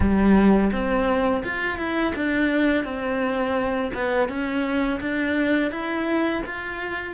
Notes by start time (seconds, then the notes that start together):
0.00 G3
0.71 C4
1.43 F4
1.78 E4
2.15 D4
2.84 C4
3.93 B3
4.28 C#4
5.00 D4
5.71 E4
6.45 F4